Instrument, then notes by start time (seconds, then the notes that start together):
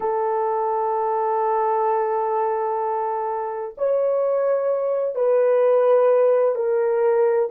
horn
0.00 A4
3.77 C#5
5.15 B4
6.55 A#4